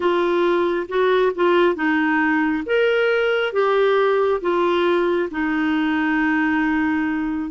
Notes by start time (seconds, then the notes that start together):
0.00 F4
0.88 F#4
1.35 F4
1.75 D#4
2.66 A#4
3.52 G4
4.41 F4
5.30 D#4